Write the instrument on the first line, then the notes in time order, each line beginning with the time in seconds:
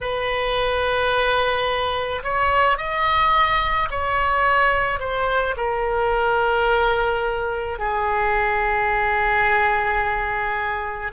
oboe
0.00 B4
2.23 C#5
2.77 D#5
3.90 C#5
4.99 C5
5.56 A#4
7.78 G#4